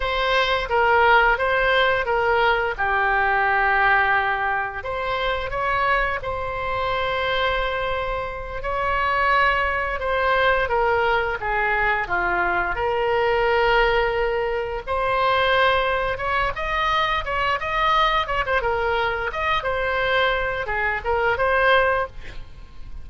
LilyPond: \new Staff \with { instrumentName = "oboe" } { \time 4/4 \tempo 4 = 87 c''4 ais'4 c''4 ais'4 | g'2. c''4 | cis''4 c''2.~ | c''8 cis''2 c''4 ais'8~ |
ais'8 gis'4 f'4 ais'4.~ | ais'4. c''2 cis''8 | dis''4 cis''8 dis''4 cis''16 c''16 ais'4 | dis''8 c''4. gis'8 ais'8 c''4 | }